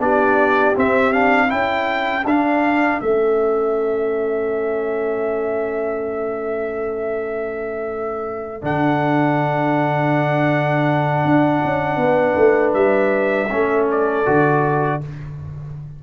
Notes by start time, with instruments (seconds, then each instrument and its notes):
0.00 tuba B3, trombone D4, horn G4, trumpet D5
0.77 trombone C4, tuba C4, trumpet E5
1.13 trombone D4, trumpet F5
1.48 tuba C#4, trombone E4, horn A4, trumpet G5
2.26 tuba D4, trombone D4, trumpet F5
3.01 tuba A3, trombone C#4, trumpet E5
8.62 tuba D3, trombone D4, trumpet F#5
11.25 tuba D4
11.65 tuba C#4
11.97 tuba B3, horn B4
12.37 tuba A3
12.74 tuba G3, trumpet E5
13.51 tuba A3, trombone C#4, horn A4
13.91 trumpet D5
14.26 tuba D3, trombone F#4